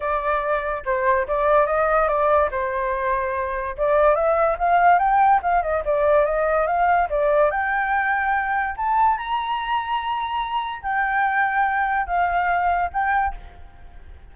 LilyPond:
\new Staff \with { instrumentName = "flute" } { \time 4/4 \tempo 4 = 144 d''2 c''4 d''4 | dis''4 d''4 c''2~ | c''4 d''4 e''4 f''4 | g''4 f''8 dis''8 d''4 dis''4 |
f''4 d''4 g''2~ | g''4 a''4 ais''2~ | ais''2 g''2~ | g''4 f''2 g''4 | }